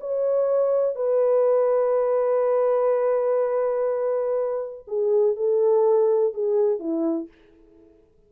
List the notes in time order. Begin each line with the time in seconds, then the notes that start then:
0.00 C#5
0.95 B4
4.87 G#4
5.36 A4
6.33 G#4
6.79 E4